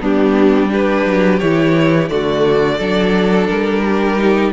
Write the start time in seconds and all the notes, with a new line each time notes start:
0.00 G3 B3 D4 G4
0.69 D4 G4 B4
1.05 F#3
1.39 E3 E4 C#5
2.08 D3 A3 F#4 D5
2.78 F#3 D4 A4
3.46 G3 A#4
3.84 G4
4.17 D#4